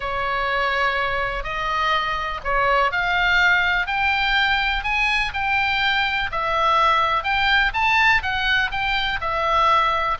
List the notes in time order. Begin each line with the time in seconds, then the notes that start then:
0.00 C#5
1.43 D#5
2.43 C#5
2.91 F5
3.87 G5
4.83 G#5
5.33 G5
6.31 E5
7.23 G5
7.73 A5
8.22 F#5
8.71 G5
9.20 E5